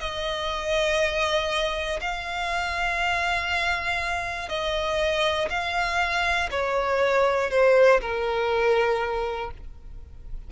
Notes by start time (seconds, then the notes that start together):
0.00 D#5
2.01 F5
4.49 D#5
5.50 F5
6.51 C#5
7.50 C5
8.01 A#4